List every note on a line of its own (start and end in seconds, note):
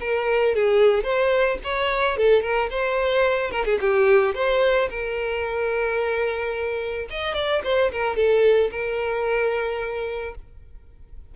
0.00 0.55 A#4
0.55 1.03 G#4
1.03 1.58 C5
1.64 2.17 C#5
2.17 2.42 A4
2.42 2.69 A#4
2.70 3.51 C5
3.51 3.64 A#4
3.65 3.78 G#4
3.80 4.34 G4
4.34 4.89 C5
4.90 7.08 A#4
7.10 7.34 D#5
7.34 7.61 D5
7.64 7.91 C5
7.92 8.16 A#4
8.16 8.70 A4
8.71 10.35 A#4